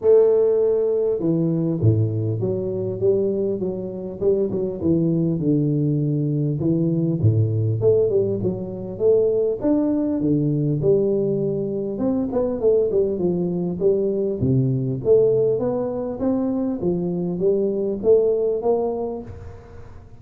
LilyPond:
\new Staff \with { instrumentName = "tuba" } { \time 4/4 \tempo 4 = 100 a2 e4 a,4 | fis4 g4 fis4 g8 fis8 | e4 d2 e4 | a,4 a8 g8 fis4 a4 |
d'4 d4 g2 | c'8 b8 a8 g8 f4 g4 | c4 a4 b4 c'4 | f4 g4 a4 ais4 | }